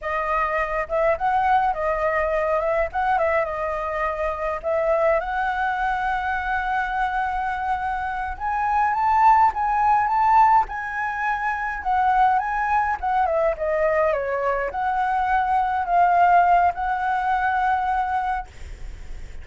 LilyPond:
\new Staff \with { instrumentName = "flute" } { \time 4/4 \tempo 4 = 104 dis''4. e''8 fis''4 dis''4~ | dis''8 e''8 fis''8 e''8 dis''2 | e''4 fis''2.~ | fis''2~ fis''8 gis''4 a''8~ |
a''8 gis''4 a''4 gis''4.~ | gis''8 fis''4 gis''4 fis''8 e''8 dis''8~ | dis''8 cis''4 fis''2 f''8~ | f''4 fis''2. | }